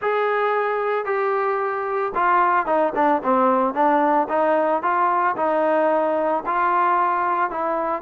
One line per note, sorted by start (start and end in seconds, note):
0.01 1.05 G#4
1.05 2.12 G4
2.14 2.65 F4
2.65 2.92 D#4
2.95 3.21 D4
3.23 3.74 C4
3.74 4.27 D4
4.29 4.82 D#4
4.82 5.35 F4
5.36 6.43 D#4
6.46 7.50 F4
7.50 8.02 E4